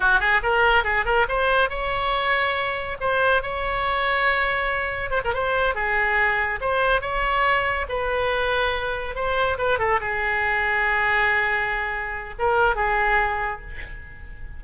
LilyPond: \new Staff \with { instrumentName = "oboe" } { \time 4/4 \tempo 4 = 141 fis'8 gis'8 ais'4 gis'8 ais'8 c''4 | cis''2. c''4 | cis''1 | c''16 ais'16 c''4 gis'2 c''8~ |
c''8 cis''2 b'4.~ | b'4. c''4 b'8 a'8 gis'8~ | gis'1~ | gis'4 ais'4 gis'2 | }